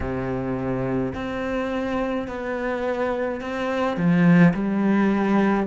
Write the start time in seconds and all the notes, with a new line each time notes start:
0.00 C3
1.14 C4
2.27 B3
3.41 C4
3.96 F3
4.53 G3